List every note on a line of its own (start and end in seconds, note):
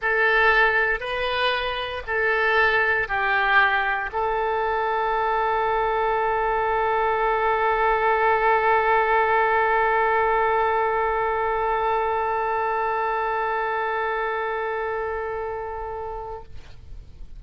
0.01 1.00 A4
1.00 2.02 B4
2.07 3.07 A4
3.07 4.10 G4
4.12 16.43 A4